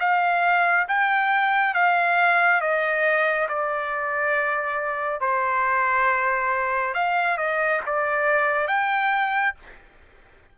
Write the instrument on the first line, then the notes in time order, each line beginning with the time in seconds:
trumpet
0.00 F5
0.88 G5
1.74 F5
2.61 D#5
3.49 D5
5.21 C5
6.94 F5
7.38 D#5
7.87 D5
8.68 G5